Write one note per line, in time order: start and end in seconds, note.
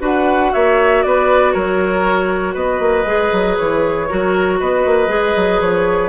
0.00 0.51 D4
0.00 3.05 F#4
0.00 0.51 B4
0.00 0.53 F#5
0.53 1.04 A#3
0.53 1.04 C#5
0.53 1.02 E5
1.02 1.54 B3
1.02 1.53 B4
1.02 1.52 D5
1.52 2.55 F#3
1.52 2.54 A#4
1.52 2.53 C#5
2.54 2.79 B3
2.54 4.06 B4
2.54 3.56 D#5
2.79 3.04 A#3
3.04 3.30 G#3
3.04 4.08 G#4
3.32 3.57 F#3
3.57 4.10 E3
3.57 4.58 C#5
4.08 4.60 F#3
4.08 5.08 F#4
4.08 4.59 A#4
4.60 4.85 B3
4.60 6.09 B4
4.60 5.61 D#5
4.85 5.08 A#3
5.08 5.34 G#3
5.08 6.09 G#4
5.35 5.60 F#3
5.60 6.09 F3
5.60 6.09 C#5